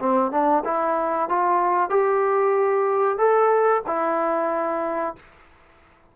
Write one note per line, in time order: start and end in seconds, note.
0.00 0.32 C4
0.32 0.64 D4
0.65 1.30 E4
1.30 1.90 F4
1.90 3.18 G4
3.18 3.83 A4
3.87 5.16 E4